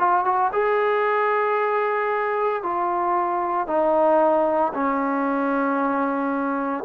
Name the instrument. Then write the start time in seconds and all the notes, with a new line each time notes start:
trombone
0.00 F4
0.25 F#4
0.53 G#4
2.63 F4
3.68 D#4
4.74 C#4